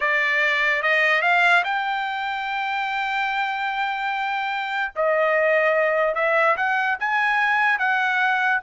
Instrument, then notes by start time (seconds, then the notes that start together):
trumpet
0.00 D5
0.82 D#5
1.22 F5
1.64 G5
4.95 D#5
6.15 E5
6.57 F#5
6.99 G#5
7.78 F#5